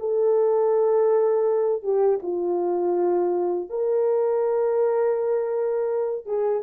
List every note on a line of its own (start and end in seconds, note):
0.00 1.83 A4
1.83 2.20 G4
2.23 3.70 F4
3.70 6.26 A#4
6.26 6.63 G#4